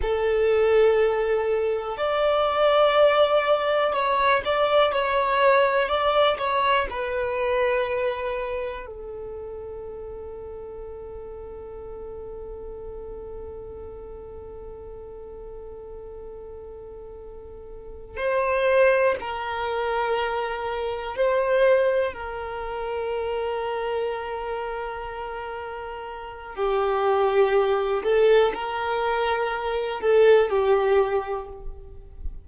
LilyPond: \new Staff \with { instrumentName = "violin" } { \time 4/4 \tempo 4 = 61 a'2 d''2 | cis''8 d''8 cis''4 d''8 cis''8 b'4~ | b'4 a'2.~ | a'1~ |
a'2~ a'8 c''4 ais'8~ | ais'4. c''4 ais'4.~ | ais'2. g'4~ | g'8 a'8 ais'4. a'8 g'4 | }